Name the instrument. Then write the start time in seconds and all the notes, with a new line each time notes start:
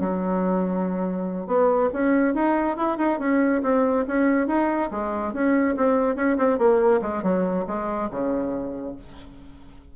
bassoon
0.00 F#3
1.47 B3
1.93 C#4
2.35 D#4
2.77 E4
2.98 D#4
3.19 C#4
3.63 C4
4.08 C#4
4.47 D#4
4.91 G#3
5.33 C#4
5.76 C4
6.16 C#4
6.38 C4
6.58 A#3
7.02 G#3
7.23 F#3
7.67 G#3
8.11 C#3